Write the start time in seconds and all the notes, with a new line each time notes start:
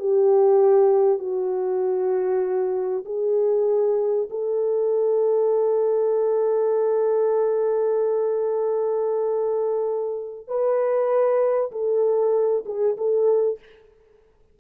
0.00 G4
1.19 F#4
3.06 G#4
4.30 A4
10.48 B4
11.72 A4
12.66 G#4
12.98 A4